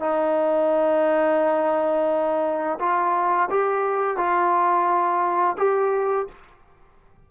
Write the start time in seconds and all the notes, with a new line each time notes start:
0.00 D#4
2.80 F4
3.50 G4
4.17 F4
5.58 G4